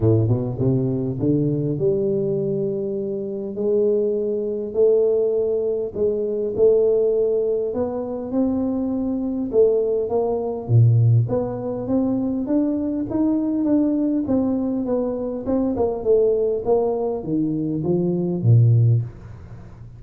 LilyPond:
\new Staff \with { instrumentName = "tuba" } { \time 4/4 \tempo 4 = 101 a,8 b,8 c4 d4 g4~ | g2 gis2 | a2 gis4 a4~ | a4 b4 c'2 |
a4 ais4 ais,4 b4 | c'4 d'4 dis'4 d'4 | c'4 b4 c'8 ais8 a4 | ais4 dis4 f4 ais,4 | }